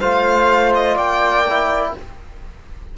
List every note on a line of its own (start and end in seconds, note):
0.00 0.96 A3
0.00 1.46 F4
0.00 0.95 C5
0.00 0.73 F5
0.75 0.97 D#5
0.95 1.93 A#3
0.95 1.91 D5
0.95 1.94 G5
1.49 1.98 E4